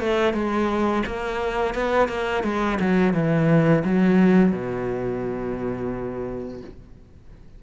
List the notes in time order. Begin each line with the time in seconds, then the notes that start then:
0.00 A3
0.33 G#3
1.06 A#3
1.74 B3
2.08 A#3
2.44 G#3
2.80 F#3
3.13 E3
3.84 F#3
4.52 B2